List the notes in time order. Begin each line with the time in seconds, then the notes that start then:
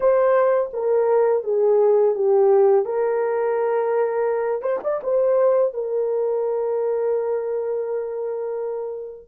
0.00 C5
0.73 A#4
1.43 G#4
2.15 G4
2.85 A#4
4.61 C5
4.83 D5
5.03 C5
5.73 A#4